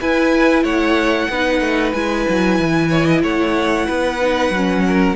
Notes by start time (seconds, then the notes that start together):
0.00 E4 B4 G#5
0.63 A3 C#5 F#5
1.28 B3 D#4 B4
1.60 A3
1.92 G#3 E4 G#5
2.29 F#3
2.58 E3
2.90 C#5
3.05 D#5
3.23 A3 C#5 F#5
3.85 B3 B4
4.21 D#4
4.49 F#3
4.55 C#4
4.87 A#4